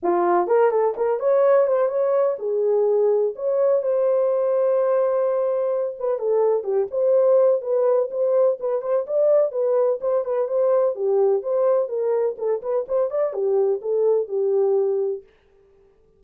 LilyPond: \new Staff \with { instrumentName = "horn" } { \time 4/4 \tempo 4 = 126 f'4 ais'8 a'8 ais'8 cis''4 c''8 | cis''4 gis'2 cis''4 | c''1~ | c''8 b'8 a'4 g'8 c''4. |
b'4 c''4 b'8 c''8 d''4 | b'4 c''8 b'8 c''4 g'4 | c''4 ais'4 a'8 b'8 c''8 d''8 | g'4 a'4 g'2 | }